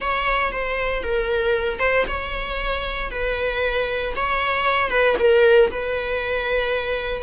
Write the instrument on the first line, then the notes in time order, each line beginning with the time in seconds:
viola
0.00 C#5
0.51 C5
1.03 A#4
1.79 C5
2.07 C#5
3.10 B4
4.16 C#5
4.90 B4
5.18 A#4
5.71 B4